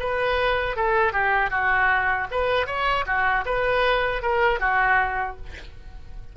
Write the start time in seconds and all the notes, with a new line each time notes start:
0.00 B4
0.77 A4
1.13 G4
1.51 F#4
2.32 B4
2.67 C#5
3.07 F#4
3.46 B4
4.23 A#4
4.60 F#4